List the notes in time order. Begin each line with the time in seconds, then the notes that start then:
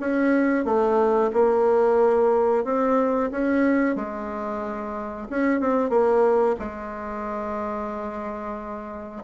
0.00 C#4
0.65 A3
1.33 A#3
2.65 C4
3.31 C#4
3.96 G#3
5.30 C#4
5.60 C4
5.90 A#3
6.59 G#3